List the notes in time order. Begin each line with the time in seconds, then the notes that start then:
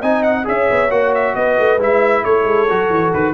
0.00 C4 D#4 D#5 G#5
0.23 F#5
0.44 C#4 G#4 C#5 E5
0.70 B3
0.90 A#3 F#4 F#5
1.15 E5
1.35 B3 B4 D#5
1.58 A3
1.78 G#3 E4 E5
2.24 A3 A4 C#5
2.44 G#3
2.69 F#3 F#4
2.90 E3
3.13 D#3 B4